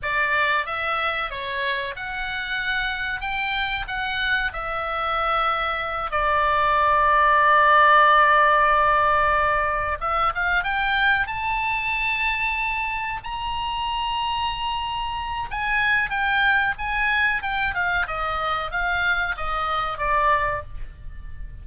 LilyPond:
\new Staff \with { instrumentName = "oboe" } { \time 4/4 \tempo 4 = 93 d''4 e''4 cis''4 fis''4~ | fis''4 g''4 fis''4 e''4~ | e''4. d''2~ d''8~ | d''2.~ d''8 e''8 |
f''8 g''4 a''2~ a''8~ | a''8 ais''2.~ ais''8 | gis''4 g''4 gis''4 g''8 f''8 | dis''4 f''4 dis''4 d''4 | }